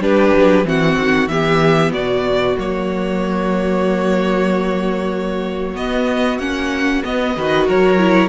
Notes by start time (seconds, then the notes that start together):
0.00 G3 D4 G4 B4
0.37 F#3
0.64 E3 C4 F#4 F#5
0.99 D#3
1.28 E3 B3 G4 E5
1.93 B2 F#4 D5
2.57 F#3 A#3 C#5
5.76 B3 D#5
6.39 A#3 C#4 F#5
7.04 B3 D#5
7.37 D#3 F#4 B4
7.68 F#3 A#4 C#5
7.99 E4